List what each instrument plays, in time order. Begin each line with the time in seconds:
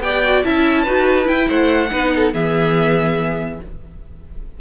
0.00 cello B3, viola G4, violin D5 G5
0.25 viola F#4
0.44 cello C#4, viola E4, violin E5 A5
0.82 cello D#4, viola F#4, violin B4
1.24 viola E4, cello E4, violin G5
1.48 cello A3, violin C5 F#5
1.91 cello B3, viola D#4, violin B4
2.15 violin A4
2.33 cello E3, viola B3, violin G#4 E5